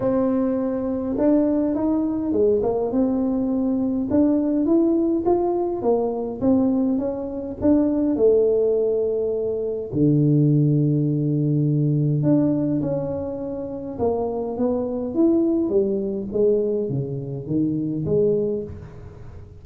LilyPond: \new Staff \with { instrumentName = "tuba" } { \time 4/4 \tempo 4 = 103 c'2 d'4 dis'4 | gis8 ais8 c'2 d'4 | e'4 f'4 ais4 c'4 | cis'4 d'4 a2~ |
a4 d2.~ | d4 d'4 cis'2 | ais4 b4 e'4 g4 | gis4 cis4 dis4 gis4 | }